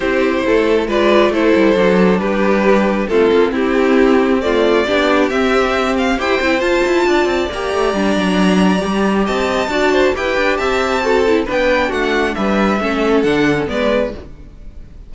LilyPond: <<
  \new Staff \with { instrumentName = "violin" } { \time 4/4 \tempo 4 = 136 c''2 d''4 c''4~ | c''4 b'2 a'4 | g'2 d''2 | e''4. f''8 g''4 a''4~ |
a''4 ais''2.~ | ais''4 a''2 g''4 | a''2 g''4 fis''4 | e''2 fis''4 d''4 | }
  \new Staff \with { instrumentName = "violin" } { \time 4/4 g'4 a'4 b'4 a'4~ | a'4 g'2 f'4 | e'2 f'4 g'4~ | g'2 c''2 |
d''1~ | d''4 dis''4 d''8 c''8 b'4 | e''4 a'4 b'4 fis'4 | b'4 a'2 b'4 | }
  \new Staff \with { instrumentName = "viola" } { \time 4/4 e'2 f'4 e'4 | d'2. c'4~ | c'2 a4 d'4 | c'2 g'8 e'8 f'4~ |
f'4 g'4 d'2 | g'2 fis'4 g'4~ | g'4 fis'8 e'8 d'2~ | d'4 cis'4 d'8. cis'16 b4 | }
  \new Staff \with { instrumentName = "cello" } { \time 4/4 c'4 a4 gis4 a8 g8 | fis4 g2 a8 ais8 | c'2. b4 | c'2 e'8 c'8 f'8 e'8 |
d'8 c'8 ais8 a8 g8 fis4. | g4 c'4 d'4 e'8 d'8 | c'2 b4 a4 | g4 a4 d4 gis4 | }
>>